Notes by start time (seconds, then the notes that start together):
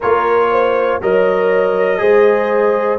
0.00 A#3 F4 A#4 C#5
0.51 C5
1.01 F#3 A#4 C#5 D#5
1.98 G#3 G#4 C5